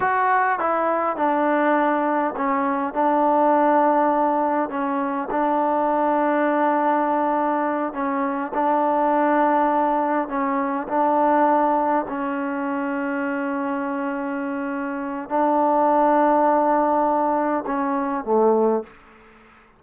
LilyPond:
\new Staff \with { instrumentName = "trombone" } { \time 4/4 \tempo 4 = 102 fis'4 e'4 d'2 | cis'4 d'2. | cis'4 d'2.~ | d'4. cis'4 d'4.~ |
d'4. cis'4 d'4.~ | d'8 cis'2.~ cis'8~ | cis'2 d'2~ | d'2 cis'4 a4 | }